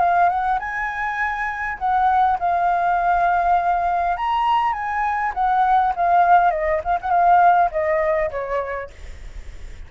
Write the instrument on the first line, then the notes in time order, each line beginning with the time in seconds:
flute
0.00 F5
0.29 F#5
0.59 G#5
1.79 F#5
2.40 F5
4.17 A#5
4.73 G#5
5.34 F#5
5.96 F5
6.51 D#5
6.84 F5
7.02 F#5
7.11 F5
7.71 D#5
8.31 C#5